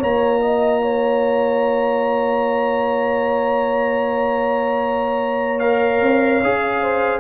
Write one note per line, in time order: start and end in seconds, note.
0.00 6.02 A#3
0.00 5.62 F4
0.00 0.40 C#5
0.00 5.60 A#5
0.42 0.82 D#5
0.82 6.82 C#5
5.60 6.42 A#4
5.60 7.20 F5
6.02 6.42 C4
6.43 7.21 C#4
6.43 7.21 G#4
6.82 7.21 C5